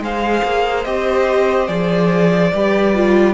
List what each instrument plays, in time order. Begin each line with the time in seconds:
0.00 cello G#3, viola G#4, violin C5 F5
0.44 cello A#3
0.84 cello C4, viola G4, violin D#5
1.67 cello F3, viola G#4, violin D5
2.53 cello G3, viola G4, violin B4
2.94 viola F4